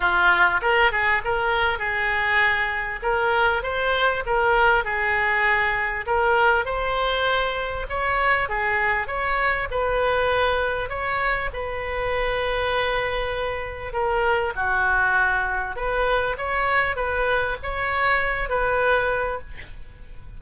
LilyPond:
\new Staff \with { instrumentName = "oboe" } { \time 4/4 \tempo 4 = 99 f'4 ais'8 gis'8 ais'4 gis'4~ | gis'4 ais'4 c''4 ais'4 | gis'2 ais'4 c''4~ | c''4 cis''4 gis'4 cis''4 |
b'2 cis''4 b'4~ | b'2. ais'4 | fis'2 b'4 cis''4 | b'4 cis''4. b'4. | }